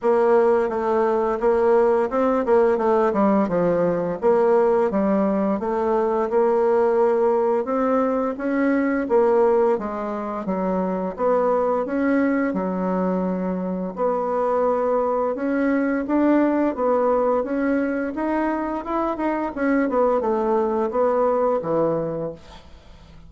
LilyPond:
\new Staff \with { instrumentName = "bassoon" } { \time 4/4 \tempo 4 = 86 ais4 a4 ais4 c'8 ais8 | a8 g8 f4 ais4 g4 | a4 ais2 c'4 | cis'4 ais4 gis4 fis4 |
b4 cis'4 fis2 | b2 cis'4 d'4 | b4 cis'4 dis'4 e'8 dis'8 | cis'8 b8 a4 b4 e4 | }